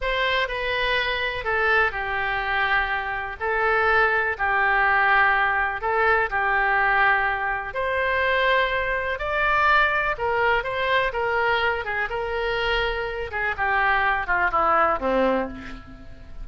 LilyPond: \new Staff \with { instrumentName = "oboe" } { \time 4/4 \tempo 4 = 124 c''4 b'2 a'4 | g'2. a'4~ | a'4 g'2. | a'4 g'2. |
c''2. d''4~ | d''4 ais'4 c''4 ais'4~ | ais'8 gis'8 ais'2~ ais'8 gis'8 | g'4. f'8 e'4 c'4 | }